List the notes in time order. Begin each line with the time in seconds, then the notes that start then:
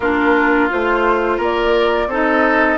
0.00 A#3 D4 F4 A#4
0.69 A3 F4 C5
1.37 A#3 A#4
1.43 D5
2.07 C4 D#4 A4
2.14 D#5